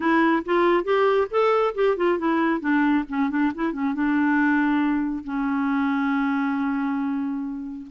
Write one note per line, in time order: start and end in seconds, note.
0.00 0.43 E4
0.45 0.84 F4
0.84 1.27 G4
1.30 1.74 A4
1.74 1.96 G4
1.96 2.18 F4
2.18 2.60 E4
2.60 3.04 D4
3.09 3.30 C#4
3.30 3.52 D4
3.54 3.72 E4
3.72 3.94 C#4
3.94 5.24 D4
5.24 7.87 C#4